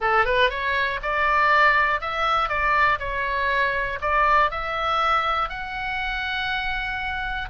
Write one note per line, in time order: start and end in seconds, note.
0.00 0.25 A4
0.25 0.50 B4
0.50 1.00 C#5
1.02 2.00 D5
2.00 2.49 E5
2.49 2.99 D5
2.99 3.99 C#5
4.01 4.50 D5
4.50 5.49 E5
5.49 7.49 F#5